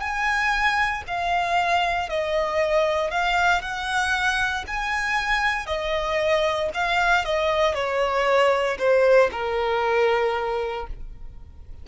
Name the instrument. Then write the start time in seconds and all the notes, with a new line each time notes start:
violin
0.00 G#5
1.07 F5
2.09 D#5
3.11 F5
3.62 F#5
4.67 G#5
5.66 D#5
6.74 F5
7.25 D#5
7.74 C#5
8.78 C5
9.32 A#4